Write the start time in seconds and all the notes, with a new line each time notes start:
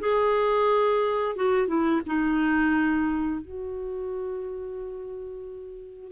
0.00 G#4
1.36 F#4
1.68 E4
2.06 D#4
3.41 F#4